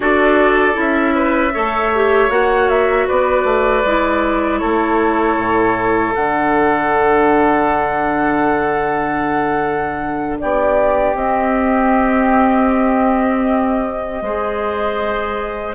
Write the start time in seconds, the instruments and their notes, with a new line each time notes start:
0.00 bassoon D4, clarinet F#4, oboe A4, flute D5
0.73 bassoon C#4, clarinet E4
0.79 flute E5
1.15 oboe B4
1.53 bassoon A3, clarinet A4, oboe C#5
1.94 clarinet G4
2.29 bassoon A#3, clarinet F#4, flute F#5
2.68 flute E5
3.07 bassoon B3, oboe B4, flute D5
3.44 bassoon A3
3.84 bassoon G#3, clarinet E4
4.58 bassoon A3, oboe A4, flute C#5
5.37 bassoon A2
6.13 bassoon D3, clarinet D4, flute F#5
10.38 bassoon B3, oboe G4, flute D5
11.13 bassoon C4, clarinet C4, flute D#5
14.21 bassoon G#3, clarinet G#4, oboe C5